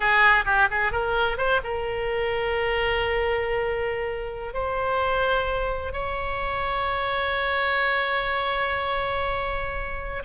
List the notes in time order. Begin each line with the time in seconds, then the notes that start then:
0.00 G#4
0.45 G4
0.70 G#4
0.92 A#4
1.37 C5
1.63 A#4
4.53 C5
5.92 C#5